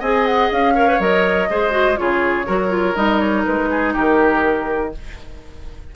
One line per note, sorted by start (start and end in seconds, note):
0.00 0.50 C4
0.00 0.76 G#4
0.00 0.74 D#5
0.00 0.26 G#5
0.26 0.51 F#5
0.52 1.00 C#4
0.52 1.01 F5
0.76 0.88 A#4
0.76 1.49 C#5
0.88 1.00 B4
1.00 1.49 F#3
1.00 1.50 A#4
1.00 1.98 D#5
1.50 1.99 G#3
1.50 1.71 G#4
1.50 2.00 C5
1.71 1.96 F#4
1.97 2.48 C#3
1.97 2.46 F4
1.97 2.47 G#4
1.97 2.96 C#5
2.47 2.96 F#3
2.47 2.70 F#4
2.47 3.70 A#4
2.70 2.94 F4
2.95 3.45 G3
2.95 4.92 D#4
2.95 3.19 D#5
3.19 3.44 C#5
3.45 3.97 G#3
3.45 3.94 B4
3.71 3.94 G#4
3.94 4.96 D#3
3.94 4.92 G4
3.94 4.95 A#4